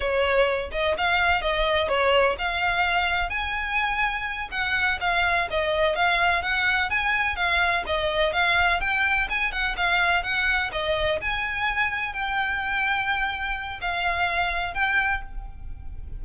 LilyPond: \new Staff \with { instrumentName = "violin" } { \time 4/4 \tempo 4 = 126 cis''4. dis''8 f''4 dis''4 | cis''4 f''2 gis''4~ | gis''4. fis''4 f''4 dis''8~ | dis''8 f''4 fis''4 gis''4 f''8~ |
f''8 dis''4 f''4 g''4 gis''8 | fis''8 f''4 fis''4 dis''4 gis''8~ | gis''4. g''2~ g''8~ | g''4 f''2 g''4 | }